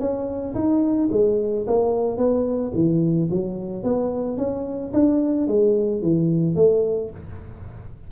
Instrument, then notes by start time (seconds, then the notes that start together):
tuba
0.00 C#4
0.55 D#4
1.12 G#3
1.68 A#3
2.18 B3
2.75 E3
3.31 F#3
3.84 B3
4.38 C#4
4.94 D4
5.48 G#3
6.02 E3
6.56 A3